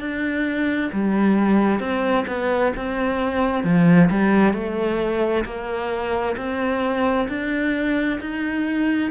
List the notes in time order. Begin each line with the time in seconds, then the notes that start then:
0.00 D4
0.93 G3
1.80 C4
2.27 B3
2.76 C4
3.64 F3
4.10 G3
4.54 A3
5.45 A#3
6.37 C4
7.29 D4
8.21 D#4